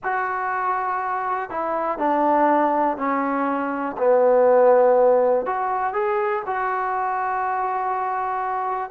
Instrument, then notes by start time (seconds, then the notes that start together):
trombone
0.03 F#4
1.50 E4
1.98 D4
2.97 C#4
3.97 B3
5.45 F#4
5.93 G#4
6.46 F#4